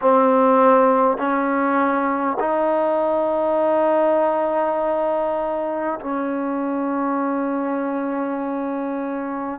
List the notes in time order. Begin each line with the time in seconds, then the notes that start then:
0.01 C4
1.17 C#4
2.39 D#4
6.00 C#4